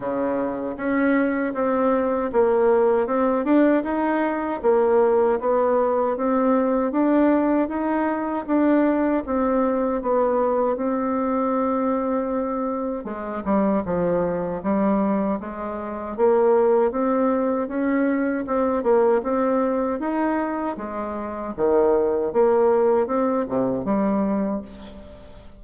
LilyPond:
\new Staff \with { instrumentName = "bassoon" } { \time 4/4 \tempo 4 = 78 cis4 cis'4 c'4 ais4 | c'8 d'8 dis'4 ais4 b4 | c'4 d'4 dis'4 d'4 | c'4 b4 c'2~ |
c'4 gis8 g8 f4 g4 | gis4 ais4 c'4 cis'4 | c'8 ais8 c'4 dis'4 gis4 | dis4 ais4 c'8 c8 g4 | }